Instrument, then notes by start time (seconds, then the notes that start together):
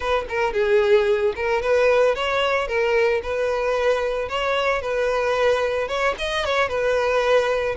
violin
0.00 B4
0.28 A#4
0.53 G#4
1.35 A#4
1.62 B4
2.15 C#5
2.67 A#4
3.23 B4
4.28 C#5
4.81 B4
5.88 C#5
6.18 D#5
6.45 C#5
6.68 B4